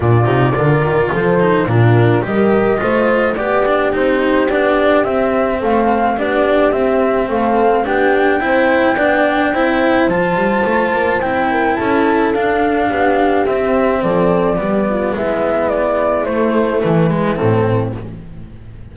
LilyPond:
<<
  \new Staff \with { instrumentName = "flute" } { \time 4/4 \tempo 4 = 107 d''2 c''4 ais'4 | dis''2 d''4 c''4 | d''4 e''4 f''4 d''4 | e''4 f''4 g''2~ |
g''2 a''2 | g''4 a''4 f''2 | e''4 d''2 e''4 | d''4 c''4 b'4 a'4 | }
  \new Staff \with { instrumentName = "horn" } { \time 4/4 f'4 ais'4 a'4 f'4 | ais'4 c''4 g'2~ | g'2 a'4 g'4~ | g'4 a'4 g'4 c''4 |
d''4 c''2.~ | c''8 ais'8 a'2 g'4~ | g'4 a'4 g'8 f'8 e'4~ | e'1 | }
  \new Staff \with { instrumentName = "cello" } { \time 4/4 d'8 dis'8 f'4. dis'8 d'4 | g'4 f'4 g'8 d'8 dis'4 | d'4 c'2 d'4 | c'2 d'4 e'4 |
d'4 e'4 f'2 | e'2 d'2 | c'2 b2~ | b4 a4. gis8 c'4 | }
  \new Staff \with { instrumentName = "double bass" } { \time 4/4 ais,8 c8 d8 dis8 f4 ais,4 | g4 a4 b4 c'4 | b4 c'4 a4 b4 | c'4 a4 b4 c'4 |
b4 c'4 f8 g8 a8 ais8 | c'4 cis'4 d'4 b4 | c'4 f4 g4 gis4~ | gis4 a4 e4 a,4 | }
>>